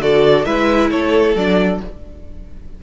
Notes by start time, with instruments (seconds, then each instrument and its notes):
0.00 cello D3, viola F#4, violin A4 D5
0.45 cello G#3, viola E4, violin B4 E5
0.91 cello A3, violin A4 C#5
1.35 cello F#3, viola D4, violin D5